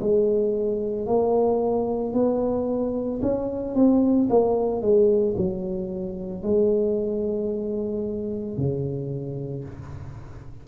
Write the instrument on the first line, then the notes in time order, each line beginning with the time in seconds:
tuba
0.00 G#3
1.06 A#3
2.13 B3
3.22 C#4
3.75 C4
4.30 A#3
4.81 G#3
5.37 F#3
6.43 G#3
8.57 C#3